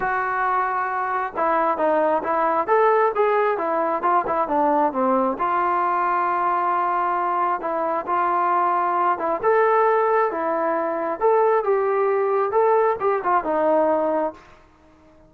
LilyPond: \new Staff \with { instrumentName = "trombone" } { \time 4/4 \tempo 4 = 134 fis'2. e'4 | dis'4 e'4 a'4 gis'4 | e'4 f'8 e'8 d'4 c'4 | f'1~ |
f'4 e'4 f'2~ | f'8 e'8 a'2 e'4~ | e'4 a'4 g'2 | a'4 g'8 f'8 dis'2 | }